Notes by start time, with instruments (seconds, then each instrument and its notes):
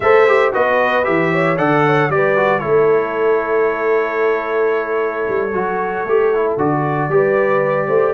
0.00 tuba A3, trombone A4, horn C5, trumpet E5
0.26 trombone G4
0.52 tuba B3, trombone F#4, horn B4, trumpet D#5
1.04 tuba E3, trombone G4, trumpet E5
1.32 horn C#5
1.57 tuba D3, trombone A4, horn D5, trumpet F#5
1.86 horn C#5
2.09 tuba G3, trombone G4, horn B4, trumpet D5
2.36 trombone F#4
2.59 tuba A3, trombone E4, horn A4, trumpet C#5
5.28 tuba G3
5.52 tuba F#3, trombone F#4
6.03 tuba A3, trombone G4
6.34 trombone E4
6.57 tuba D3, trombone F#4, trumpet D5
7.08 tuba G3, trombone G4, horn B4
7.87 tuba A3, horn C5